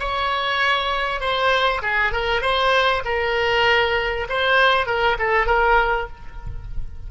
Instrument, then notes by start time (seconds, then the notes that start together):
oboe
0.00 C#5
1.21 C5
1.83 G#4
2.13 A#4
2.42 C5
3.05 A#4
4.30 C5
4.87 A#4
5.19 A4
5.47 A#4